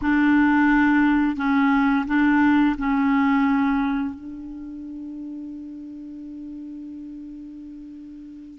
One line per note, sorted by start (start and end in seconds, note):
0.01 1.36 D4
1.36 2.05 C#4
2.07 2.76 D4
2.77 4.14 C#4
4.14 8.59 D4